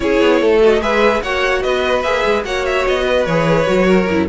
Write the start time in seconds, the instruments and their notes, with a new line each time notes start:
0.00 cello C#4, viola E4, violin G#4 C#5
0.20 cello B3
0.41 cello A3, violin A4
0.61 viola F#4, violin D#5
0.80 cello G#3, viola G#4, violin B4 E5
1.22 cello A#3, viola F#4, violin C#5 F#5
1.62 cello B3, violin B4 D#5
2.02 cello A#3, viola G#4, violin E5
2.25 cello G#3
2.44 cello A#3, viola F#4, violin C#5 F#5
2.65 violin E5
2.87 cello B3, violin D#5
3.04 violin B4
3.25 cello E3, viola G#4, violin C#5
3.66 cello F#3, viola F#4
3.85 violin A#4
4.09 cello F#2, viola E4